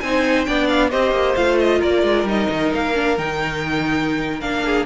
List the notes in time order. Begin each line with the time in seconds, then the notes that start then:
0.00 C4 D#4 C5 G#5
0.45 B3 D4 D5 G5
0.68 F5
0.90 C4 G4 C5 D#5
1.11 A#3
1.35 A3 F4 F5
1.59 D#5
1.78 A#3 A#4 D5
2.03 G#3
2.24 G3 D#4 D#5
2.50 D#3
2.74 A#3 F5
2.94 D4
3.18 D#3 D#4 G5
4.41 A#3 D4 F5
4.64 G#4